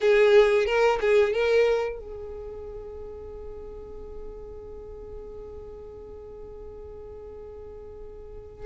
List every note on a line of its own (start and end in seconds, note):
0.01 0.65 G#4
0.65 0.99 A#4
1.00 1.32 G#4
1.32 1.99 A#4
1.99 8.65 G#4